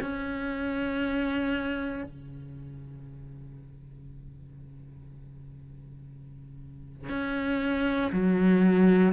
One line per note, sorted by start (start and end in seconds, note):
0.00 2.03 C#4
2.03 7.09 C#3
7.09 8.10 C#4
8.12 9.12 F#3